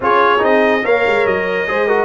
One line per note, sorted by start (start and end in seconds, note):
0.00 0.40 C#4
0.00 0.38 F4
0.00 0.84 G#4
0.00 0.44 C#5
0.38 0.84 C4
0.38 0.80 D#4
0.38 0.86 D#5
0.83 1.04 A#3
0.83 1.66 A#4
0.83 1.67 C#5
0.83 1.26 F5
1.06 1.25 G#3
1.25 1.67 F#3
1.25 2.05 D#5
1.67 2.05 G#3
1.67 1.88 G#4
1.67 1.87 C5
1.87 2.05 F#4
1.87 2.05 A#4